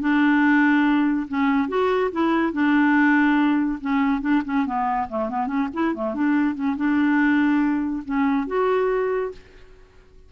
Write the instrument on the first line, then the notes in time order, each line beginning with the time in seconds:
clarinet
0.00 D4
1.28 C#4
1.68 F#4
2.11 E4
2.52 D4
3.80 C#4
4.21 D4
4.45 C#4
4.65 B3
5.09 A3
5.29 B3
5.46 C#4
5.73 E4
5.94 A3
6.14 D4
6.55 C#4
6.76 D4
8.05 C#4
8.47 F#4